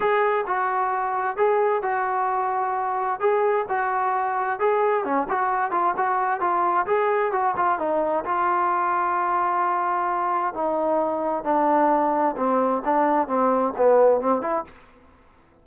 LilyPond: \new Staff \with { instrumentName = "trombone" } { \time 4/4 \tempo 4 = 131 gis'4 fis'2 gis'4 | fis'2. gis'4 | fis'2 gis'4 cis'8 fis'8~ | fis'8 f'8 fis'4 f'4 gis'4 |
fis'8 f'8 dis'4 f'2~ | f'2. dis'4~ | dis'4 d'2 c'4 | d'4 c'4 b4 c'8 e'8 | }